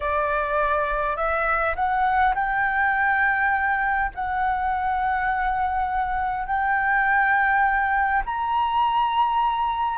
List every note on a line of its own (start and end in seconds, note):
0.00 1.16 D5
1.16 1.75 E5
1.75 2.34 F#5
2.34 4.11 G5
4.14 6.46 F#5
6.46 8.22 G5
8.25 9.98 A#5